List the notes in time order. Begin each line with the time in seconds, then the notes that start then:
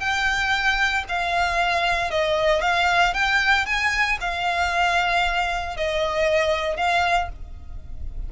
0.00 G5
1.09 F5
2.11 D#5
2.62 F5
3.14 G5
3.66 G#5
4.21 F5
5.77 D#5
6.77 F5